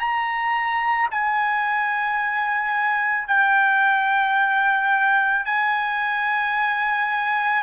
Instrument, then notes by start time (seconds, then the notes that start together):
trumpet
0.00 A#5
1.12 G#5
3.28 G5
5.45 G#5